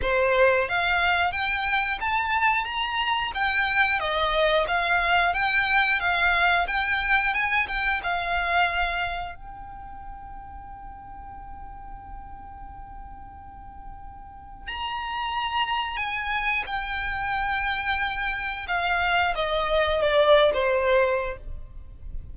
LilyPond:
\new Staff \with { instrumentName = "violin" } { \time 4/4 \tempo 4 = 90 c''4 f''4 g''4 a''4 | ais''4 g''4 dis''4 f''4 | g''4 f''4 g''4 gis''8 g''8 | f''2 g''2~ |
g''1~ | g''2 ais''2 | gis''4 g''2. | f''4 dis''4 d''8. c''4~ c''16 | }